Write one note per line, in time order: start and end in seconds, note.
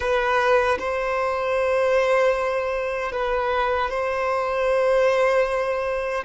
0.00 0.78 B4
0.79 3.12 C5
3.12 3.90 B4
3.90 6.23 C5